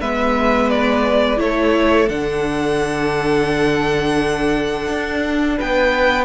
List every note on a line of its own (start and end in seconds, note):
0.00 1.39 G#3
0.00 1.37 B3
0.00 1.40 B4
0.00 0.70 E5
0.70 1.40 D5
1.37 2.09 A3
1.37 2.07 E4
1.37 5.57 A4
1.37 2.09 C#5
2.08 4.88 D3
2.08 6.25 D4
2.08 5.58 F#5
4.89 5.58 D4
5.57 6.25 B3
5.57 6.25 B4
5.57 6.25 G5